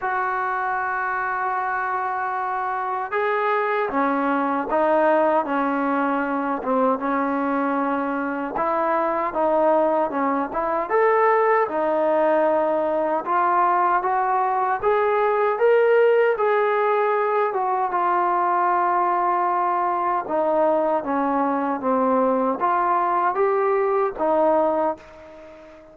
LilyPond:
\new Staff \with { instrumentName = "trombone" } { \time 4/4 \tempo 4 = 77 fis'1 | gis'4 cis'4 dis'4 cis'4~ | cis'8 c'8 cis'2 e'4 | dis'4 cis'8 e'8 a'4 dis'4~ |
dis'4 f'4 fis'4 gis'4 | ais'4 gis'4. fis'8 f'4~ | f'2 dis'4 cis'4 | c'4 f'4 g'4 dis'4 | }